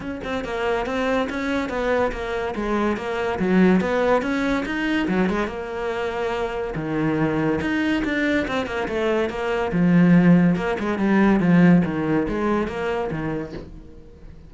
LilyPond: \new Staff \with { instrumentName = "cello" } { \time 4/4 \tempo 4 = 142 cis'8 c'8 ais4 c'4 cis'4 | b4 ais4 gis4 ais4 | fis4 b4 cis'4 dis'4 | fis8 gis8 ais2. |
dis2 dis'4 d'4 | c'8 ais8 a4 ais4 f4~ | f4 ais8 gis8 g4 f4 | dis4 gis4 ais4 dis4 | }